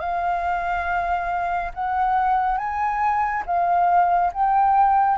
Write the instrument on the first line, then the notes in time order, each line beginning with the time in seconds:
flute
0.00 F5
1.74 F#5
2.58 G#5
3.46 F5
4.33 G5